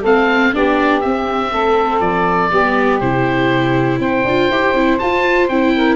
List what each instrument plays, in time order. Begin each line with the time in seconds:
0.00 tuba A3, viola C4, saxophone A4, oboe F5
0.53 tuba B3, viola D4, saxophone G4, oboe D5
1.00 viola C4, tuba C4, oboe E5
1.51 tuba A3, saxophone A4
2.00 tuba F3, oboe D5
2.50 tuba G3, viola B3, saxophone G4
3.00 tuba C3, viola E4, oboe C5
3.99 tuba C4, saxophone C5, oboe G5
4.24 tuba D4, viola F4
4.50 tuba E4, viola G4
4.73 tuba C4, viola E4
4.98 viola F4, tuba F4, oboe A5
5.48 tuba C4, viola E4, oboe G5
5.76 saxophone A#4